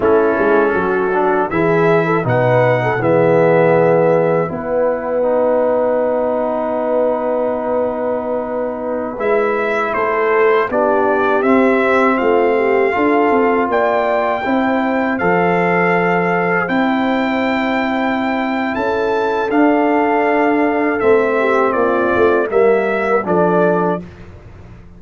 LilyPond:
<<
  \new Staff \with { instrumentName = "trumpet" } { \time 4/4 \tempo 4 = 80 a'2 e''4 fis''4 | e''2 fis''2~ | fis''1~ | fis''16 e''4 c''4 d''4 e''8.~ |
e''16 f''2 g''4.~ g''16~ | g''16 f''2 g''4.~ g''16~ | g''4 a''4 f''2 | e''4 d''4 e''4 d''4 | }
  \new Staff \with { instrumentName = "horn" } { \time 4/4 e'4 fis'4 gis'8. a'16 b'8. a'16 | gis'2 b'2~ | b'1~ | b'4~ b'16 a'4 g'4.~ g'16~ |
g'16 f'8 g'8 a'4 d''4 c''8.~ | c''1~ | c''4 a'2.~ | a'8 g'8 f'4 ais'4 a'4 | }
  \new Staff \with { instrumentName = "trombone" } { \time 4/4 cis'4. d'8 e'4 dis'4 | b2 e'4 dis'4~ | dis'1~ | dis'16 e'2 d'4 c'8.~ |
c'4~ c'16 f'2 e'8.~ | e'16 a'2 e'4.~ e'16~ | e'2 d'2 | c'2 ais4 d'4 | }
  \new Staff \with { instrumentName = "tuba" } { \time 4/4 a8 gis8 fis4 e4 b,4 | e2 b2~ | b1~ | b16 gis4 a4 b4 c'8.~ |
c'16 a4 d'8 c'8 ais4 c'8.~ | c'16 f2 c'4.~ c'16~ | c'4 cis'4 d'2 | a4 ais8 a8 g4 f4 | }
>>